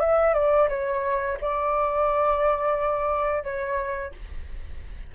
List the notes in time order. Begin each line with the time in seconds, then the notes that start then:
0.00 E5
0.34 D5
0.69 C#5
1.41 D5
3.44 C#5